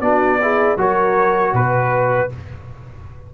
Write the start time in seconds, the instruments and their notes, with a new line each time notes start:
0.00 tuba B3, trombone D4, horn F#4, trumpet D5
0.42 trombone E4, horn G#4
0.77 tuba F#3, trombone F#4, horn A#4, trumpet C#5
1.53 tuba B2, trumpet B4, horn B4